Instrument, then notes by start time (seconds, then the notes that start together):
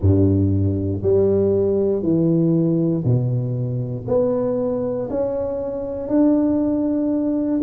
tuba
0.00 G2
1.02 G3
2.02 E3
3.04 B2
4.07 B3
5.09 C#4
6.08 D4